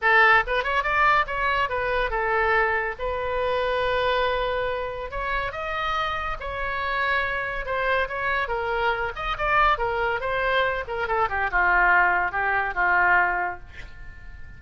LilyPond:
\new Staff \with { instrumentName = "oboe" } { \time 4/4 \tempo 4 = 141 a'4 b'8 cis''8 d''4 cis''4 | b'4 a'2 b'4~ | b'1 | cis''4 dis''2 cis''4~ |
cis''2 c''4 cis''4 | ais'4. dis''8 d''4 ais'4 | c''4. ais'8 a'8 g'8 f'4~ | f'4 g'4 f'2 | }